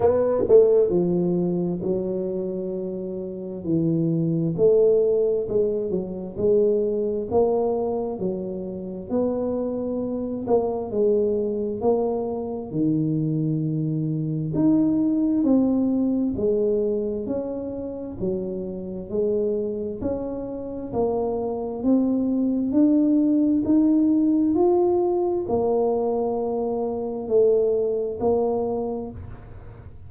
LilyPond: \new Staff \with { instrumentName = "tuba" } { \time 4/4 \tempo 4 = 66 b8 a8 f4 fis2 | e4 a4 gis8 fis8 gis4 | ais4 fis4 b4. ais8 | gis4 ais4 dis2 |
dis'4 c'4 gis4 cis'4 | fis4 gis4 cis'4 ais4 | c'4 d'4 dis'4 f'4 | ais2 a4 ais4 | }